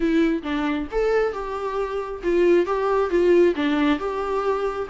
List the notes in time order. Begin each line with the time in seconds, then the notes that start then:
0.00 E4
0.43 D4
0.91 A4
1.33 G4
2.23 F4
2.66 G4
3.09 F4
3.55 D4
3.99 G4